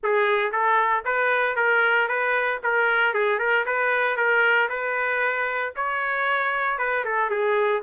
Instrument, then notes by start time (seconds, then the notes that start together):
trumpet
0.03 G#4
0.51 A4
1.05 B4
1.56 A#4
2.08 B4
2.63 A#4
3.14 G#4
3.38 A#4
3.65 B4
4.16 A#4
4.69 B4
5.75 C#5
6.78 B4
7.04 A4
7.30 G#4